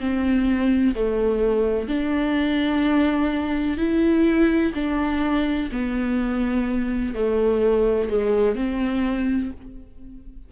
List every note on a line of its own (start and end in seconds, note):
0.00 0.95 C4
0.96 1.89 A3
1.89 3.78 D4
3.78 4.73 E4
4.75 5.71 D4
5.72 7.15 B3
7.15 8.10 A3
8.10 8.56 G#3
8.56 9.52 C4